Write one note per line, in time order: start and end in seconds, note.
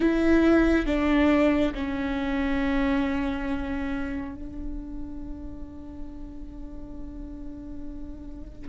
0.00 0.86 E4
0.86 1.73 D4
1.74 4.34 C#4
4.34 8.69 D4